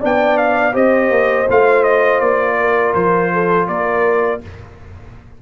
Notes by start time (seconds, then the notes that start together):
0.00 B3 D4 D5 G5
0.38 F5
0.73 C4 G4 C5 D#5
1.11 A#3
1.49 A3 F4 F5
1.84 D#5
2.20 A#3 D5
2.60 A#4
2.94 F3 C5
3.33 A4
3.68 A#3 A#4 D5